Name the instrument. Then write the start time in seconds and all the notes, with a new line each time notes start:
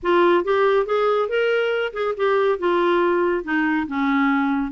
clarinet
0.03 F4
0.44 G4
0.86 G#4
1.28 A#4
1.93 G#4
2.16 G4
2.58 F4
3.44 D#4
3.87 C#4